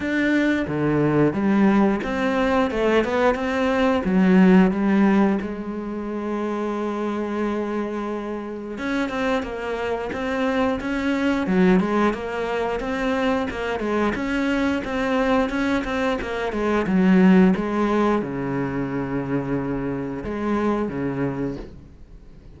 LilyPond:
\new Staff \with { instrumentName = "cello" } { \time 4/4 \tempo 4 = 89 d'4 d4 g4 c'4 | a8 b8 c'4 fis4 g4 | gis1~ | gis4 cis'8 c'8 ais4 c'4 |
cis'4 fis8 gis8 ais4 c'4 | ais8 gis8 cis'4 c'4 cis'8 c'8 | ais8 gis8 fis4 gis4 cis4~ | cis2 gis4 cis4 | }